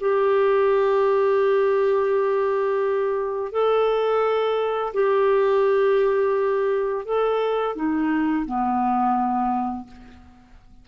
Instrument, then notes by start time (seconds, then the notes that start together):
clarinet
0.00 G4
3.52 A4
4.93 G4
7.05 A4
7.75 D#4
8.45 B3